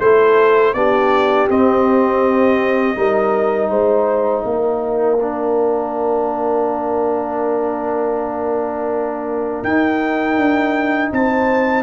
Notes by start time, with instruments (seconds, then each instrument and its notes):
0.00 tuba A3, trombone E4, horn A4, trumpet C5
0.74 tuba B3, trombone D4, horn G4, trumpet D5
1.49 trombone C4, tuba C4, trumpet D#5
2.96 tuba G3, trombone D#4, horn A#4
3.70 tuba G#3, horn C5, trumpet F5
4.45 tuba A#3, horn A#4
5.21 trombone D4
9.64 tuba D#4, trombone D#4, trumpet G5
10.37 tuba D4
11.12 tuba C4, horn C5, trumpet A5